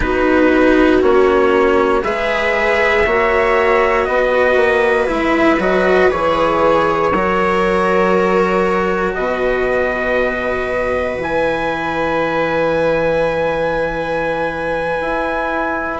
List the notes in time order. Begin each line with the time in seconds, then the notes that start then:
0.00 B3 D#4 F#4 B4
1.01 A#3 C#4 C#5
2.03 G#3 G#4 B4 E5
3.05 A#3 F#4 C#5
4.04 B3 B4 D#5
4.56 A#3
5.07 G#3 E4 E5
5.58 F#3 F#4 D#5
6.10 E3 G#4 C#5
7.12 F#3 F#4 A#4
9.14 B2 B4 D#5
11.17 E3 E4 G#5
15.00 E4